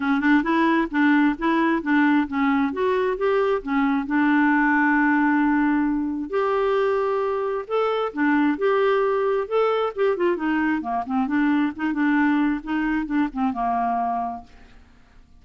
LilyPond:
\new Staff \with { instrumentName = "clarinet" } { \time 4/4 \tempo 4 = 133 cis'8 d'8 e'4 d'4 e'4 | d'4 cis'4 fis'4 g'4 | cis'4 d'2.~ | d'2 g'2~ |
g'4 a'4 d'4 g'4~ | g'4 a'4 g'8 f'8 dis'4 | ais8 c'8 d'4 dis'8 d'4. | dis'4 d'8 c'8 ais2 | }